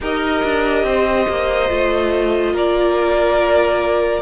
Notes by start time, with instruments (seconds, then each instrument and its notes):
0.00 cello D#4, viola G4, violin A#4 D#5
0.44 cello D4
0.83 cello C4, violin C5
1.29 cello A#3
1.68 cello A3, viola F4
2.53 cello A#3, violin A#4 D5